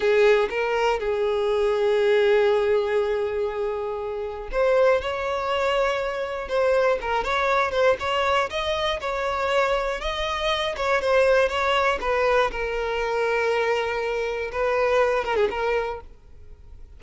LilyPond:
\new Staff \with { instrumentName = "violin" } { \time 4/4 \tempo 4 = 120 gis'4 ais'4 gis'2~ | gis'1~ | gis'4 c''4 cis''2~ | cis''4 c''4 ais'8 cis''4 c''8 |
cis''4 dis''4 cis''2 | dis''4. cis''8 c''4 cis''4 | b'4 ais'2.~ | ais'4 b'4. ais'16 gis'16 ais'4 | }